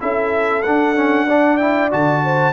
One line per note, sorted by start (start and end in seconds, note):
0.00 0.65 C#4
0.00 0.64 E4
0.00 1.27 A4
0.00 0.63 E5
0.63 1.93 D4
0.63 0.96 D4
0.63 1.57 F#5
0.96 1.28 C#4
1.27 1.59 D4
1.27 2.23 D5
1.57 1.91 E4
1.57 1.89 G5
1.91 2.53 D3
1.91 2.53 F#4
1.91 2.53 A5
2.24 2.53 C5